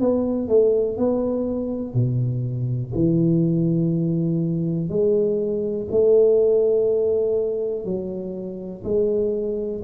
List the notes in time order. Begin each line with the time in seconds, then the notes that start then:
0.00 B3
0.49 A3
0.98 B3
1.94 B2
2.95 E3
4.89 G#3
5.92 A3
7.85 F#3
8.84 G#3